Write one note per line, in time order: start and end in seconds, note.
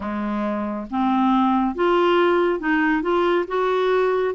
0.00 0.87 G#3
0.90 1.75 C4
1.75 2.59 F4
2.59 3.02 D#4
3.02 3.45 F4
3.47 4.34 F#4